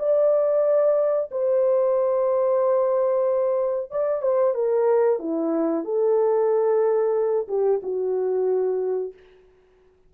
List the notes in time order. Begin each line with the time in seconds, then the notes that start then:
0.00 D5
1.32 C5
3.92 D5
4.22 C5
4.55 A#4
5.20 E4
5.85 A4
7.49 G4
7.83 F#4